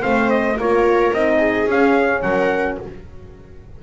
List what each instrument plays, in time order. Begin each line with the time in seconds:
0.00 double bass A3, horn C4, viola C5, trumpet F5
0.30 trumpet D#5
0.56 double bass A#3, horn F4, viola A#4, trumpet C#5
1.12 double bass C4, horn D#4, trumpet D#5
1.37 viola G#4
1.66 double bass C#4, horn C#4, trumpet F5
2.22 double bass F#3, viola A#4, trumpet F#5